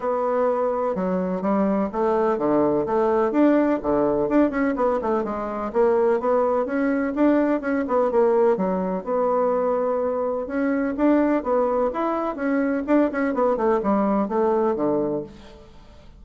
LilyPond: \new Staff \with { instrumentName = "bassoon" } { \time 4/4 \tempo 4 = 126 b2 fis4 g4 | a4 d4 a4 d'4 | d4 d'8 cis'8 b8 a8 gis4 | ais4 b4 cis'4 d'4 |
cis'8 b8 ais4 fis4 b4~ | b2 cis'4 d'4 | b4 e'4 cis'4 d'8 cis'8 | b8 a8 g4 a4 d4 | }